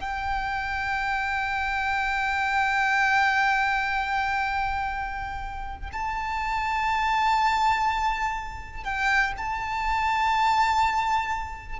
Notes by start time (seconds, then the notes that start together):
0.00 G5
5.92 A5
8.84 G5
9.38 A5